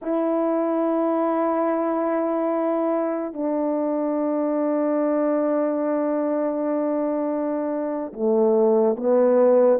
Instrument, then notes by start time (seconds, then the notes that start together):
horn
0.02 E4
3.33 D4
8.12 A3
8.96 B3